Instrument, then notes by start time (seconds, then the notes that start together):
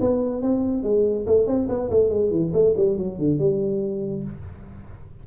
tuba
0.00 B3
0.42 C4
0.83 G#3
1.26 A3
1.46 C4
1.68 B3
1.90 A3
2.09 G#3
2.30 E3
2.53 A3
2.76 G3
2.97 F#3
3.18 D3
3.38 G3